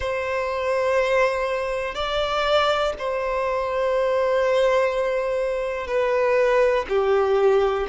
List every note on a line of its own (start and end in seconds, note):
0.00 1.94 C5
1.94 2.93 D5
2.98 5.87 C5
5.87 6.85 B4
6.89 7.87 G4